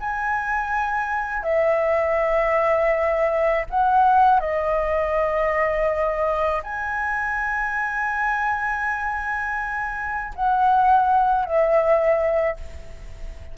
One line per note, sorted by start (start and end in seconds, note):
0.00 1.43 G#5
1.43 3.65 E5
3.70 4.40 F#5
4.40 6.62 D#5
6.63 10.34 G#5
10.36 11.45 F#5
11.45 12.57 E5